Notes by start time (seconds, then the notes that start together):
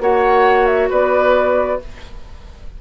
0.00 A#3 F#4 C#5 F#5
0.66 E5
0.89 B3 B4 D5